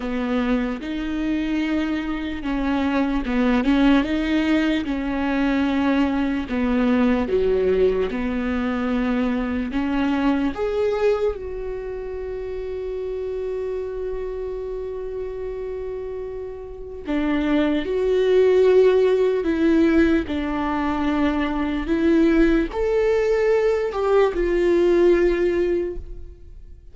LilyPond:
\new Staff \with { instrumentName = "viola" } { \time 4/4 \tempo 4 = 74 b4 dis'2 cis'4 | b8 cis'8 dis'4 cis'2 | b4 fis4 b2 | cis'4 gis'4 fis'2~ |
fis'1~ | fis'4 d'4 fis'2 | e'4 d'2 e'4 | a'4. g'8 f'2 | }